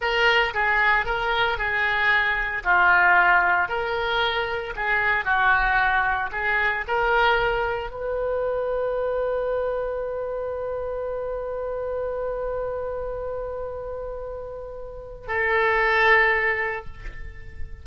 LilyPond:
\new Staff \with { instrumentName = "oboe" } { \time 4/4 \tempo 4 = 114 ais'4 gis'4 ais'4 gis'4~ | gis'4 f'2 ais'4~ | ais'4 gis'4 fis'2 | gis'4 ais'2 b'4~ |
b'1~ | b'1~ | b'1~ | b'4 a'2. | }